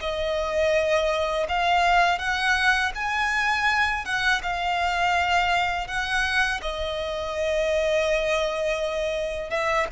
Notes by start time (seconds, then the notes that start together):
0.00 D#5
1.48 F5
2.18 F#5
2.95 G#5
4.05 F#5
4.42 F5
5.87 F#5
6.62 D#5
9.50 E5